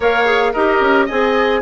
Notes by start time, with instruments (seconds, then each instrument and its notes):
0.00 bassoon A#3, clarinet A#4, oboe C#5, flute F5
0.25 clarinet G#4
0.52 bassoon D#4, clarinet G4, oboe A#4, flute D#5
0.80 bassoon C#4
1.05 bassoon C4, clarinet G#4, oboe D#5, flute G#5